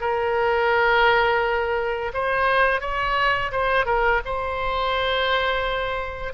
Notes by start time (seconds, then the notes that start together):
0.00 A#4
2.13 C5
2.80 C#5
3.51 C5
3.85 A#4
4.25 C5